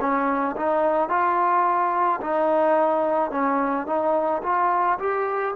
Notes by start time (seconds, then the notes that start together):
0.00 C#4
0.57 D#4
1.09 F4
2.21 D#4
3.31 C#4
3.86 D#4
4.43 F4
4.99 G4